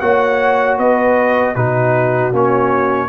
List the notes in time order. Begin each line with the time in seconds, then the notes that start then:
0.00 A#3 F#4 C#5 F#5
0.77 B3 B4 D#5
1.55 B2 D#4 F#4 B4
2.32 A#3 C#4 C#5